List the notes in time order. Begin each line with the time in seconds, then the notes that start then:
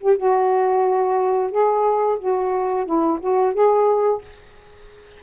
0.00 G4
0.17 F#4
1.51 G#4
2.19 F#4
2.85 E4
3.20 F#4
3.54 G#4